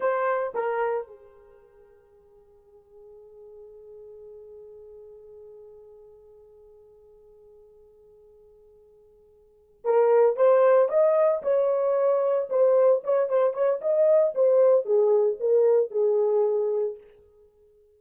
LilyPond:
\new Staff \with { instrumentName = "horn" } { \time 4/4 \tempo 4 = 113 c''4 ais'4 gis'2~ | gis'1~ | gis'1~ | gis'1~ |
gis'2~ gis'8 ais'4 c''8~ | c''8 dis''4 cis''2 c''8~ | c''8 cis''8 c''8 cis''8 dis''4 c''4 | gis'4 ais'4 gis'2 | }